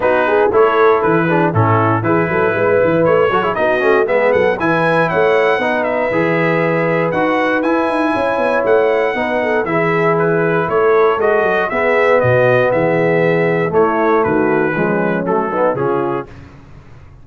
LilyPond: <<
  \new Staff \with { instrumentName = "trumpet" } { \time 4/4 \tempo 4 = 118 b'4 cis''4 b'4 a'4 | b'2 cis''4 dis''4 | e''8 fis''8 gis''4 fis''4. e''8~ | e''2 fis''4 gis''4~ |
gis''4 fis''2 e''4 | b'4 cis''4 dis''4 e''4 | dis''4 e''2 cis''4 | b'2 a'4 gis'4 | }
  \new Staff \with { instrumentName = "horn" } { \time 4/4 fis'8 gis'8 a'4. gis'8 e'4 | gis'8 a'8 b'4. a'16 gis'16 fis'4 | gis'8 a'8 b'4 cis''4 b'4~ | b'1 |
cis''2 b'8 a'8 gis'4~ | gis'4 a'2 gis'4 | fis'4 gis'2 e'4 | fis'4 cis'4. dis'8 f'4 | }
  \new Staff \with { instrumentName = "trombone" } { \time 4/4 dis'4 e'4. d'8 cis'4 | e'2~ e'8 fis'16 e'16 dis'8 cis'8 | b4 e'2 dis'4 | gis'2 fis'4 e'4~ |
e'2 dis'4 e'4~ | e'2 fis'4 b4~ | b2. a4~ | a4 gis4 a8 b8 cis'4 | }
  \new Staff \with { instrumentName = "tuba" } { \time 4/4 b4 a4 e4 a,4 | e8 fis8 gis8 e8 a8 fis8 b8 a8 | gis8 fis8 e4 a4 b4 | e2 dis'4 e'8 dis'8 |
cis'8 b8 a4 b4 e4~ | e4 a4 gis8 fis8 b4 | b,4 e2 a4 | dis4 f4 fis4 cis4 | }
>>